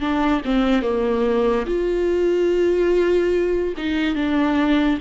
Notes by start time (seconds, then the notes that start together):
0.00 D4
0.45 C4
0.82 A#3
1.66 F4
3.77 D#4
4.15 D4